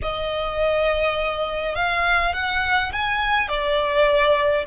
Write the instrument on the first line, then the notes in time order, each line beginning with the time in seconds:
violin
0.02 D#5
1.75 F5
2.33 F#5
2.92 G#5
3.48 D5